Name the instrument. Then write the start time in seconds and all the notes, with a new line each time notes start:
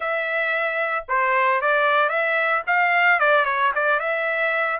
trumpet
0.00 E5
1.08 C5
1.61 D5
2.09 E5
2.67 F5
3.19 D5
3.45 C#5
3.74 D5
3.99 E5